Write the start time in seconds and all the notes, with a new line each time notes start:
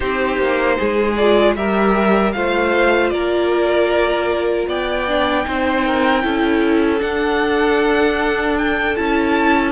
0.00 C4 D#4 G4 C5
0.38 A#3
0.78 G#3 G#4
1.16 F4 D5
1.55 G3 G4 A#4 E5
2.32 A3 F4 C5 F5
3.10 A#3 A#4 D5
4.67 B3 D5 G5
5.07 D4
5.44 C4 D#4 C5
5.86 A#4
6.21 C#4 E4 A4
6.98 D4 F#5
8.58 G5
8.95 C#4 E4 A5